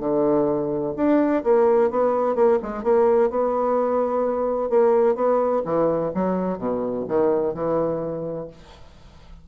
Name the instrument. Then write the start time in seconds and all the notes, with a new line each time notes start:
bassoon
0.00 D3
0.97 D4
1.44 A#3
1.91 B3
2.36 A#3
2.63 G#3
2.84 A#3
3.31 B3
4.70 A#3
5.16 B3
5.65 E3
6.15 F#3
6.58 B2
7.08 D#3
7.54 E3